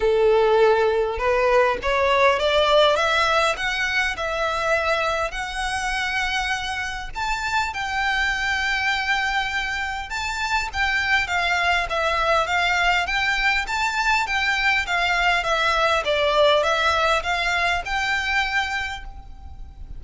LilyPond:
\new Staff \with { instrumentName = "violin" } { \time 4/4 \tempo 4 = 101 a'2 b'4 cis''4 | d''4 e''4 fis''4 e''4~ | e''4 fis''2. | a''4 g''2.~ |
g''4 a''4 g''4 f''4 | e''4 f''4 g''4 a''4 | g''4 f''4 e''4 d''4 | e''4 f''4 g''2 | }